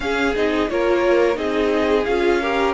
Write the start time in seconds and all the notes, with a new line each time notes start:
0.00 C#4 G#4 F5
0.35 C4 D#4 D#5
0.69 A#3 F4 A#4 C#5
1.34 C4 D#4 G#4 D#5
2.04 C#4 F4 F5
2.41 G4 A#4